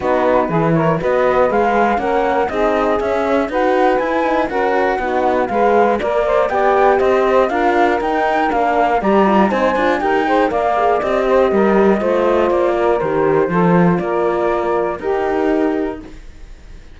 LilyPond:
<<
  \new Staff \with { instrumentName = "flute" } { \time 4/4 \tempo 4 = 120 b'4. cis''8 dis''4 f''4 | fis''4 dis''4 e''4 fis''4 | gis''4 fis''2 f''4 | d''4 g''4 dis''4 f''4 |
g''4 f''4 ais''4 gis''4 | g''4 f''4 dis''2~ | dis''4 d''4 c''2 | d''2 ais'2 | }
  \new Staff \with { instrumentName = "saxophone" } { \time 4/4 fis'4 gis'8 ais'8 b'2 | ais'4 gis'2 b'4~ | b'4 ais'4 fis'4 b'4 | ais'8 c''8 d''4 c''4 ais'4~ |
ais'2 d''4 c''4 | ais'8 c''8 d''4. c''8 ais'4 | c''4. ais'4. a'4 | ais'2 g'2 | }
  \new Staff \with { instrumentName = "horn" } { \time 4/4 dis'4 e'4 fis'4 gis'4 | cis'4 dis'4 cis'4 fis'4 | e'8 dis'8 cis'4 dis'4 gis'4 | ais'4 g'2 f'4 |
dis'4 d'4 g'8 f'8 dis'8 f'8 | g'8 gis'8 ais'8 gis'8 g'2 | f'2 g'4 f'4~ | f'2 dis'2 | }
  \new Staff \with { instrumentName = "cello" } { \time 4/4 b4 e4 b4 gis4 | ais4 c'4 cis'4 dis'4 | e'4 fis'4 b4 gis4 | ais4 b4 c'4 d'4 |
dis'4 ais4 g4 c'8 d'8 | dis'4 ais4 c'4 g4 | a4 ais4 dis4 f4 | ais2 dis'2 | }
>>